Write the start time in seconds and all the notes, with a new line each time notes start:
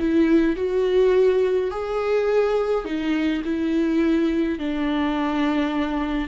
0.00 E4
0.56 F#4
1.71 G#4
2.85 D#4
3.45 E4
4.59 D4